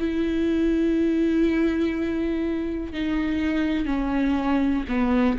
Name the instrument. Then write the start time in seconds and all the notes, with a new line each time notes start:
viola
0.00 E4
2.93 D#4
3.86 C#4
4.89 B3